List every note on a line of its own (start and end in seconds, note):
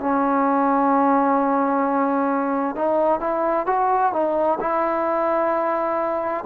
0.00 2.76 C#4
2.76 3.21 D#4
3.21 3.67 E4
3.67 4.13 F#4
4.13 4.59 D#4
4.60 6.45 E4